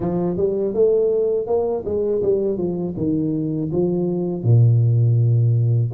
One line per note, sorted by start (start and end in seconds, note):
0.00 0.36 F3
0.36 0.73 G3
0.74 1.46 A3
1.46 1.84 A#3
1.85 2.22 G#3
2.22 2.57 G3
2.57 2.94 F3
2.96 3.70 D#3
3.72 4.43 F3
4.43 5.91 A#2